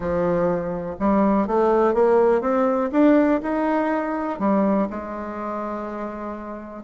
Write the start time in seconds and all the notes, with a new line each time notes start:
0.00 F3
0.99 G3
1.47 A3
1.94 A#3
2.41 C4
2.92 D4
3.42 D#4
4.39 G3
4.89 G#3